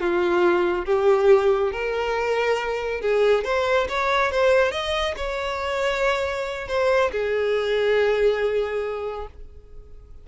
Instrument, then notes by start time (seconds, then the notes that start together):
violin
0.00 F4
0.85 G4
1.72 A#4
3.01 G#4
3.44 C5
3.88 C#5
4.31 C5
4.71 D#5
5.16 C#5
6.68 C5
7.11 G#4